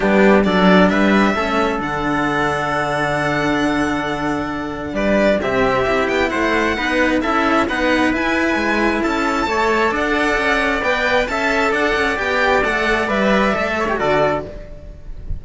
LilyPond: <<
  \new Staff \with { instrumentName = "violin" } { \time 4/4 \tempo 4 = 133 g'4 d''4 e''2 | fis''1~ | fis''2. d''4 | e''4. g''8 fis''2 |
e''4 fis''4 gis''2 | a''2 fis''2 | g''4 a''4 fis''4 g''4 | fis''4 e''2 d''4 | }
  \new Staff \with { instrumentName = "trumpet" } { \time 4/4 d'4 a'4 b'4 a'4~ | a'1~ | a'2. b'4 | g'2 c''4 b'4 |
a'4 b'2. | a'4 cis''4 d''2~ | d''4 e''4 d''2~ | d''2~ d''8 cis''8 a'4 | }
  \new Staff \with { instrumentName = "cello" } { \time 4/4 b4 d'2 cis'4 | d'1~ | d'1 | c'4 e'2 dis'4 |
e'4 dis'4 e'2~ | e'4 a'2. | b'4 a'2 g'4 | a'4 b'4 a'8. g'16 fis'4 | }
  \new Staff \with { instrumentName = "cello" } { \time 4/4 g4 fis4 g4 a4 | d1~ | d2. g4 | c4 c'8 b8 a4 b4 |
cis'4 b4 e'4 gis4 | cis'4 a4 d'4 cis'4 | b4 cis'4 d'8 cis'8 b4 | a4 g4 a4 d4 | }
>>